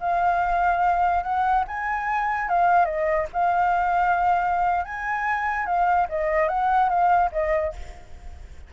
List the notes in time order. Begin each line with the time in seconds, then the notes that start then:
0.00 F5
1.23 F#5
1.68 G#5
2.49 F5
2.85 D#5
3.33 F5
4.85 G#5
5.66 F5
6.09 D#5
6.49 F#5
6.89 F5
7.32 D#5